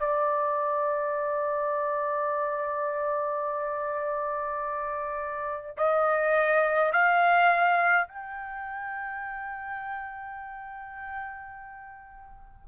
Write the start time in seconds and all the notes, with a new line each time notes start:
0.00 D5
5.77 D#5
6.93 F5
8.08 G5